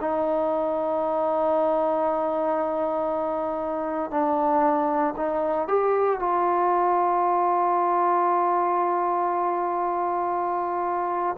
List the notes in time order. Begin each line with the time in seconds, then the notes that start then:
0.00 D#4
4.11 D4
5.17 D#4
5.68 G4
6.19 F4